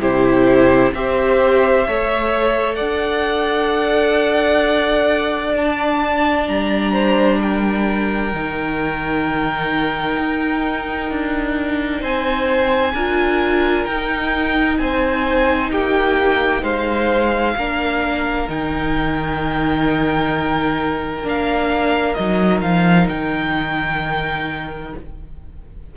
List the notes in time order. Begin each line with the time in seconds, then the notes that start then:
0.00 C3 E4 G4 C5
0.94 C4 G4 C5 E5
1.88 A3 A4 C#5
2.75 D4 D5 F#5
5.56 D4 A5
6.48 G3 A#5
6.93 C5
7.42 A#4 G5
8.33 D#3 D#4
10.18 D#4
11.10 D4
12.01 C4 C5 G#5
12.93 D4 F4 A#4
13.85 D#4 G5
14.78 C4 C5 G#5
15.71 A#3 G4 G5
16.62 G#3 C5 F5
17.57 A#3 D4 A#4
18.48 D#3 D#4 G5
21.23 A#3 D4 F5
22.15 F#3 D#4 D#5
22.61 F3 F5
23.09 D#3 G5